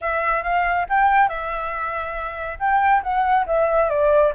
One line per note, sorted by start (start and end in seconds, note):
0.01 0.43 E5
0.43 0.86 F5
0.89 1.28 G5
1.28 2.58 E5
2.59 3.02 G5
3.02 3.46 F#5
3.46 3.89 E5
3.89 4.33 D5